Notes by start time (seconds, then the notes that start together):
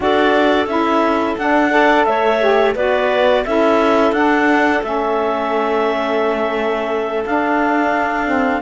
0.00 D4 F#4 A4 D5
0.66 C#4 E4 E5
1.37 D4 F#5
1.71 A4 D5
2.04 A3 C#5 E5
2.40 G4
2.74 B3 F#4 B4 D5
3.44 C#4 E4 A4 E5
4.11 D4 F#5
4.83 A3 C#4 E5
7.24 D4 F5
8.26 C4